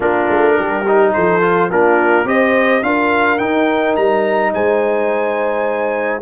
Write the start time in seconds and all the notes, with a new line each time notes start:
0.00 A#3 D4 F4 A#4
0.30 A3
0.56 G3 G4
0.87 D#4
1.13 F3 A4 C5
1.41 F4
1.70 A#3 D4 F4 A#4
2.24 C4 G4 C5 D#5
2.82 D4 F4 A#4 F5
3.38 D#4 G5
3.95 G3 A#5
4.53 G#3 C5 G#5